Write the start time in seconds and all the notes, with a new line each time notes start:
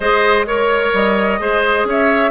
0.00 G#3 G#4 C5 D#5
0.46 A#4 C#5
0.93 G3 D#5
1.39 G#3 G#4 C5
1.84 C#4 C#5
1.90 E5